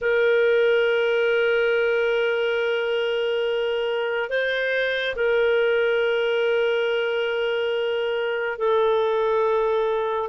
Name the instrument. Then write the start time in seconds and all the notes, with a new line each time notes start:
clarinet
0.01 A#4
4.29 C5
5.15 A#4
8.58 A4